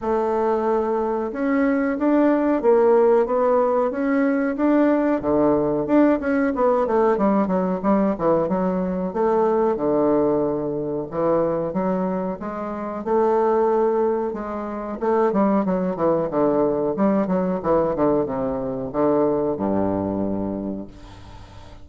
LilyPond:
\new Staff \with { instrumentName = "bassoon" } { \time 4/4 \tempo 4 = 92 a2 cis'4 d'4 | ais4 b4 cis'4 d'4 | d4 d'8 cis'8 b8 a8 g8 fis8 | g8 e8 fis4 a4 d4~ |
d4 e4 fis4 gis4 | a2 gis4 a8 g8 | fis8 e8 d4 g8 fis8 e8 d8 | c4 d4 g,2 | }